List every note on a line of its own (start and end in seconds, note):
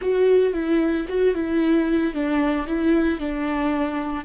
0.01 0.53 F#4
0.53 1.06 E4
1.08 1.34 F#4
1.34 2.14 E4
2.14 2.67 D4
2.67 3.19 E4
3.19 4.25 D4